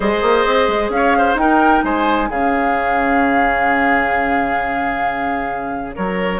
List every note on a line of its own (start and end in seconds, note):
0.00 0.21 G#3
0.00 1.37 G#4
0.00 0.91 C5
0.00 0.90 D#5
0.22 0.45 A#3
0.45 0.68 C4
0.68 0.89 G#3
0.89 1.34 C#4
0.89 1.37 F5
0.96 1.17 C#5
1.17 1.40 C5
1.34 1.80 D#4
1.34 2.30 D#4
1.34 1.84 A#4
1.34 1.83 G5
1.83 2.29 G#3
1.83 2.29 C5
1.83 2.30 G#5
2.29 5.96 C#3
2.29 6.40 C#4
2.29 5.95 G#4
2.29 5.95 F5
5.95 6.40 F#3
5.95 6.40 A#4
5.95 6.40 C#5